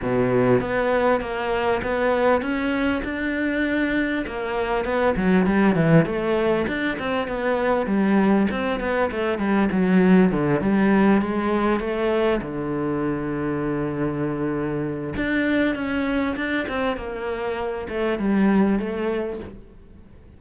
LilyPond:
\new Staff \with { instrumentName = "cello" } { \time 4/4 \tempo 4 = 99 b,4 b4 ais4 b4 | cis'4 d'2 ais4 | b8 fis8 g8 e8 a4 d'8 c'8 | b4 g4 c'8 b8 a8 g8 |
fis4 d8 g4 gis4 a8~ | a8 d2.~ d8~ | d4 d'4 cis'4 d'8 c'8 | ais4. a8 g4 a4 | }